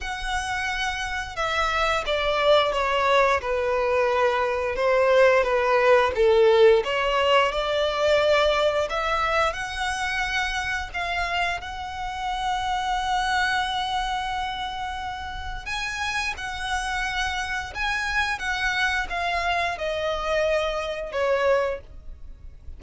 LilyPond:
\new Staff \with { instrumentName = "violin" } { \time 4/4 \tempo 4 = 88 fis''2 e''4 d''4 | cis''4 b'2 c''4 | b'4 a'4 cis''4 d''4~ | d''4 e''4 fis''2 |
f''4 fis''2.~ | fis''2. gis''4 | fis''2 gis''4 fis''4 | f''4 dis''2 cis''4 | }